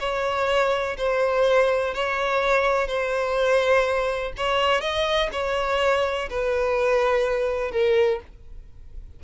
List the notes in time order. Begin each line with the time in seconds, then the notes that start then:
0.00 C#5
0.98 C5
1.94 C#5
2.88 C5
4.37 C#5
4.81 D#5
5.32 C#5
6.30 B4
7.72 A#4